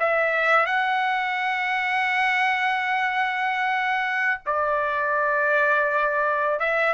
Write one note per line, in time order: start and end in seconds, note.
0.00 0.66 E5
0.66 4.41 F#5
4.46 6.60 D5
6.60 6.94 E5